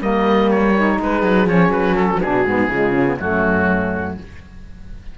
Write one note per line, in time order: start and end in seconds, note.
0.00 0.98 G3
0.00 0.73 A#3
0.00 0.97 A#4
0.00 0.50 D#5
0.50 0.99 C#5
0.76 1.46 D#4
0.97 1.22 G#3
0.97 1.94 G#4
0.97 1.48 B4
1.22 1.46 F#3
1.46 1.68 F3
1.46 2.19 C#4
1.46 1.72 C#5
1.68 2.17 F#3
1.68 1.95 B4
1.95 2.69 F#4
1.95 2.20 A4
2.21 2.44 B2
2.21 2.46 D4
2.21 3.18 G#4
2.44 2.68 G#2
2.44 2.71 B3
2.68 3.17 C#3
2.68 2.92 G#3
2.68 3.17 F4
2.92 3.05 C#4
3.05 3.18 B3
3.17 4.17 F#2
3.17 4.17 A3
3.17 4.15 C#4
3.17 4.17 F#4